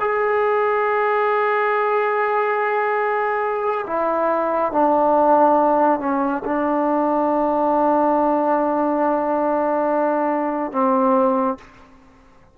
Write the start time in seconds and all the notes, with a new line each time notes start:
0.00 G#4
3.87 E4
4.72 D4
6.00 C#4
6.45 D4
10.72 C4